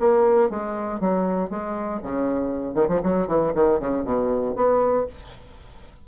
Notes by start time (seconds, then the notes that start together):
0.00 A#3
0.50 G#3
1.00 F#3
1.50 G#3
2.03 C#3
2.75 D#3
2.88 F3
3.03 F#3
3.28 E3
3.55 D#3
3.80 C#3
4.04 B2
4.56 B3